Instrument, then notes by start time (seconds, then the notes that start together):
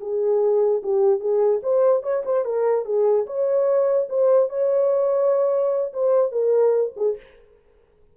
horn
0.00 G#4
0.82 G4
1.20 G#4
1.62 C5
2.03 C#5
2.25 C5
2.44 A#4
2.85 G#4
3.26 C#5
4.09 C5
4.49 C#5
5.93 C5
6.31 A#4
6.96 G#4